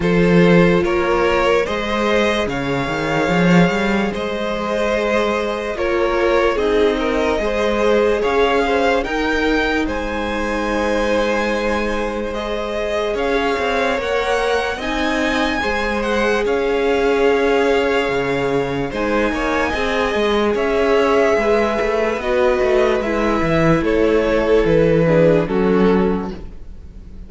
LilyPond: <<
  \new Staff \with { instrumentName = "violin" } { \time 4/4 \tempo 4 = 73 c''4 cis''4 dis''4 f''4~ | f''4 dis''2 cis''4 | dis''2 f''4 g''4 | gis''2. dis''4 |
f''4 fis''4 gis''4. fis''8 | f''2. gis''4~ | gis''4 e''2 dis''4 | e''4 cis''4 b'4 a'4 | }
  \new Staff \with { instrumentName = "violin" } { \time 4/4 a'4 ais'4 c''4 cis''4~ | cis''4 c''2 ais'4 | gis'8 ais'8 c''4 cis''8 c''8 ais'4 | c''1 |
cis''2 dis''4 c''4 | cis''2. c''8 cis''8 | dis''4 cis''4 b'2~ | b'4 a'4. gis'8 fis'4 | }
  \new Staff \with { instrumentName = "viola" } { \time 4/4 f'2 gis'2~ | gis'2. f'4 | dis'4 gis'2 dis'4~ | dis'2. gis'4~ |
gis'4 ais'4 dis'4 gis'4~ | gis'2. dis'4 | gis'2. fis'4 | e'2~ e'8 d'8 cis'4 | }
  \new Staff \with { instrumentName = "cello" } { \time 4/4 f4 ais4 gis4 cis8 dis8 | f8 g8 gis2 ais4 | c'4 gis4 cis'4 dis'4 | gis1 |
cis'8 c'8 ais4 c'4 gis4 | cis'2 cis4 gis8 ais8 | c'8 gis8 cis'4 gis8 a8 b8 a8 | gis8 e8 a4 e4 fis4 | }
>>